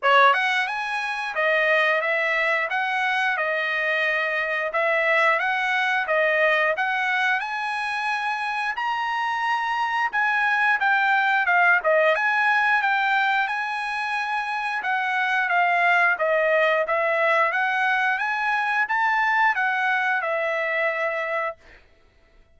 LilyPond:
\new Staff \with { instrumentName = "trumpet" } { \time 4/4 \tempo 4 = 89 cis''8 fis''8 gis''4 dis''4 e''4 | fis''4 dis''2 e''4 | fis''4 dis''4 fis''4 gis''4~ | gis''4 ais''2 gis''4 |
g''4 f''8 dis''8 gis''4 g''4 | gis''2 fis''4 f''4 | dis''4 e''4 fis''4 gis''4 | a''4 fis''4 e''2 | }